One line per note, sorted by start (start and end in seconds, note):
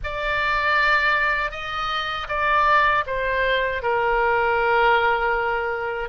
0.03 1.51 D5
1.51 2.27 D#5
2.28 3.04 D5
3.06 3.82 C5
3.82 6.09 A#4